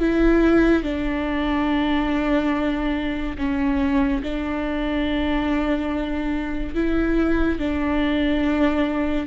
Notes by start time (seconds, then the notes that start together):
0.00 E4
0.83 D4
3.38 C#4
4.23 D4
6.75 E4
7.59 D4